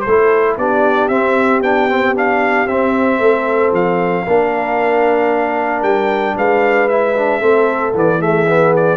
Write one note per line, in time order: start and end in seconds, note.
0.00 0.53 C5
0.06 0.57 A3
0.06 0.59 E4
0.06 0.58 A4
0.57 1.09 B3
0.57 1.10 D4
0.57 3.21 G4
0.57 1.08 D5
1.08 1.60 C4
1.08 1.63 C4
1.08 1.60 E5
1.60 2.66 B3
1.60 1.89 D4
1.60 2.15 G5
1.89 2.15 C4
2.15 2.67 D4
2.15 2.67 F5
2.66 3.19 C4
2.66 4.26 C4
2.66 3.72 E5
3.19 3.71 A3
3.19 4.25 A4
3.72 4.25 F3
3.72 5.83 F5
4.25 5.82 A#3
4.25 6.89 D4
4.25 6.36 A#4
5.82 6.34 G3
5.82 6.35 G5
6.36 7.41 G#3
6.36 7.40 B4
6.36 6.88 F5
6.88 7.16 E4
6.88 7.93 E5
7.16 7.40 D4
7.40 7.93 A3
7.40 7.93 C4
7.40 8.19 A4
7.94 8.97 E3
7.94 8.20 B3
7.94 8.21 D5
8.19 8.46 A3
8.19 8.97 G#4
8.19 8.74 E5
8.47 8.97 B3
8.76 8.97 D5